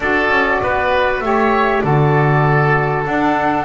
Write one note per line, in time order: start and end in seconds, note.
0.00 0.29 D4
0.00 1.23 F#4
0.00 0.62 A4
0.00 1.20 D5
0.29 0.60 C#4
0.62 1.20 B3
0.62 1.23 B4
1.20 1.82 A3
1.20 1.82 G4
1.20 1.84 C#5
1.20 1.80 E5
1.80 3.05 D3
1.80 3.04 F#4
1.80 3.65 A4
1.80 3.03 D5
3.05 3.65 D4
3.05 3.65 F#5